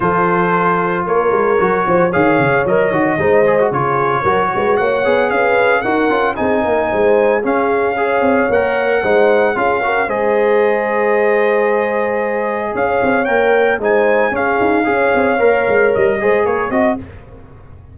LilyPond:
<<
  \new Staff \with { instrumentName = "trumpet" } { \time 4/4 \tempo 4 = 113 c''2 cis''2 | f''4 dis''2 cis''4~ | cis''4 fis''4 f''4 fis''4 | gis''2 f''2 |
fis''2 f''4 dis''4~ | dis''1 | f''4 g''4 gis''4 f''4~ | f''2 dis''4 cis''8 dis''8 | }
  \new Staff \with { instrumentName = "horn" } { \time 4/4 a'2 ais'4. c''8 | cis''2 c''4 gis'4 | ais'8 b'8 cis''4 b'4 ais'4 | gis'8 ais'8 c''4 gis'4 cis''4~ |
cis''4 c''4 gis'8 ais'8 c''4~ | c''1 | cis''2 c''4 gis'4 | cis''2~ cis''8 c''8 ais'8 dis''8 | }
  \new Staff \with { instrumentName = "trombone" } { \time 4/4 f'2. fis'4 | gis'4 ais'8 fis'8 dis'8 gis'16 fis'16 f'4 | fis'4. gis'4. fis'8 f'8 | dis'2 cis'4 gis'4 |
ais'4 dis'4 f'8 fis'8 gis'4~ | gis'1~ | gis'4 ais'4 dis'4 cis'4 | gis'4 ais'4. gis'4 fis'8 | }
  \new Staff \with { instrumentName = "tuba" } { \time 4/4 f2 ais8 gis8 fis8 f8 | dis8 cis8 fis8 dis8 gis4 cis4 | fis8 gis8 ais8 b8 cis'4 dis'8 cis'8 | c'8 ais8 gis4 cis'4. c'8 |
ais4 gis4 cis'4 gis4~ | gis1 | cis'8 c'8 ais4 gis4 cis'8 dis'8 | cis'8 c'8 ais8 gis8 g8 gis8 ais8 c'8 | }
>>